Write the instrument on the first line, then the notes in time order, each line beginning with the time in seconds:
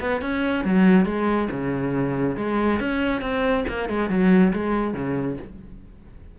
cello
0.00 B3
0.21 C#4
0.64 F#3
1.05 G#3
1.51 C#3
2.36 G#3
2.79 C#4
3.21 C4
3.68 A#3
3.89 G#3
4.09 F#3
4.53 G#3
4.93 C#3